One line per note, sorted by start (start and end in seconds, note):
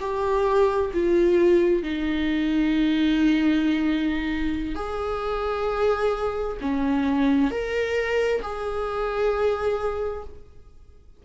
0.00 0.91 G4
0.93 1.82 F4
1.82 4.75 D#4
4.75 6.57 G#4
6.61 7.50 C#4
7.50 8.41 A#4
8.41 10.23 G#4